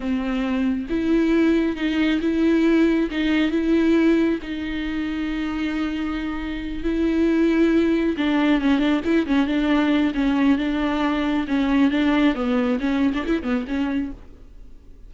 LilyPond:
\new Staff \with { instrumentName = "viola" } { \time 4/4 \tempo 4 = 136 c'2 e'2 | dis'4 e'2 dis'4 | e'2 dis'2~ | dis'2.~ dis'8 e'8~ |
e'2~ e'8 d'4 cis'8 | d'8 e'8 cis'8 d'4. cis'4 | d'2 cis'4 d'4 | b4 cis'8. d'16 e'8 b8 cis'4 | }